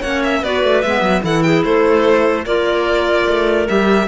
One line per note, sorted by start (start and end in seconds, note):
0.00 0.43 A#3
0.00 0.44 C#4
0.00 0.41 C#5
0.00 0.22 F#5
0.24 0.44 E5
0.41 0.64 B3
0.41 0.85 F#4
0.41 1.23 B4
0.41 0.82 D5
0.64 0.84 A3
0.82 1.02 G#3
0.82 1.22 B3
0.82 1.22 E5
1.02 1.22 F#3
1.22 1.64 E3
1.22 2.44 E4
1.22 1.44 A4
1.22 1.43 F#5
1.43 1.65 G#4
1.43 1.63 G5
1.64 2.46 A3
1.64 2.46 A4
1.64 2.45 C5
2.46 3.28 A#3
2.46 3.68 F4
2.46 4.08 A#4
2.46 3.67 D5
3.28 3.69 A3
3.68 4.08 G3
3.68 4.08 G4
3.68 4.08 E5